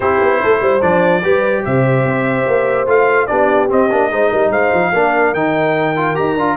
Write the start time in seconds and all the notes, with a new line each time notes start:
0.00 C4 E4 G4 C5
0.21 B3
0.41 A3 A4
0.60 G3 C5
0.80 F3 D4 D5
1.23 G3 G4 B4
1.64 C3 C5 E5
2.04 C4
2.46 A#3
2.86 A3 F4 F5
3.26 B3 D4 G4 D5
3.68 C4 D#5
3.91 A#3 D4
4.10 G#3 D#4 C5
4.29 G3 A#4
4.50 G#3 C5 F5
4.74 F3
4.92 A#3 D4 A#4
5.33 D#3 D#4 G5
5.96 F4
6.15 D#4 G4 A#5
6.35 D4 F4